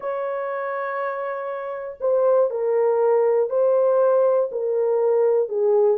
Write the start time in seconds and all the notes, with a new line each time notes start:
0.00 C#5
2.00 C5
2.50 A#4
3.49 C5
4.51 A#4
5.49 G#4